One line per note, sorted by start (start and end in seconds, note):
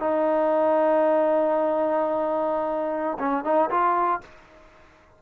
0.00 3.18 D#4
3.19 3.44 C#4
3.44 3.70 D#4
3.70 4.21 F4